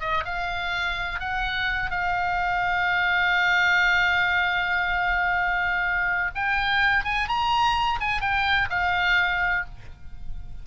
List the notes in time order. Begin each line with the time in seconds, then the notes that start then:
0.00 D#5
0.25 F5
1.20 F#5
1.90 F5
6.35 G5
7.04 G#5
7.28 A#5
8.00 G#5
8.21 G5
8.70 F5